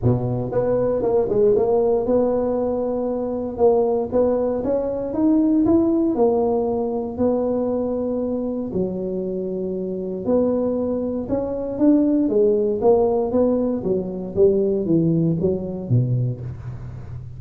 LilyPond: \new Staff \with { instrumentName = "tuba" } { \time 4/4 \tempo 4 = 117 b,4 b4 ais8 gis8 ais4 | b2. ais4 | b4 cis'4 dis'4 e'4 | ais2 b2~ |
b4 fis2. | b2 cis'4 d'4 | gis4 ais4 b4 fis4 | g4 e4 fis4 b,4 | }